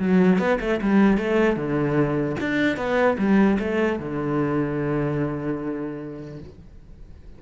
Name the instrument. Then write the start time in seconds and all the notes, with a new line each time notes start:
cello
0.00 F#3
0.39 B3
0.61 A3
0.82 G3
1.18 A3
1.57 D3
2.40 D4
2.77 B3
3.19 G3
3.60 A3
4.00 D3